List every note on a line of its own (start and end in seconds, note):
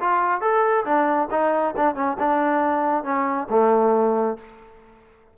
0.00 0.41 F4
0.41 0.85 A4
0.85 1.29 D4
1.31 1.75 D#4
1.77 1.95 D4
1.95 2.17 C#4
2.19 3.04 D4
3.04 3.48 C#4
3.50 4.38 A3